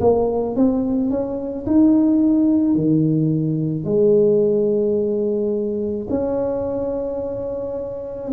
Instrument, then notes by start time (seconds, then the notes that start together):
tuba
0.00 A#3
0.55 C4
1.10 C#4
1.66 D#4
2.75 D#3
3.84 G#3
6.10 C#4